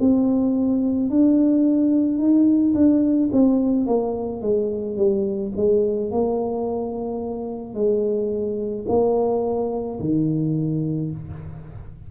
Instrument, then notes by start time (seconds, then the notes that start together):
tuba
0.00 C4
1.10 D4
2.18 D#4
2.74 D4
3.32 C4
3.86 A#3
4.41 G#3
4.97 G3
5.56 G#3
6.11 A#3
7.74 G#3
8.88 A#3
10.00 D#3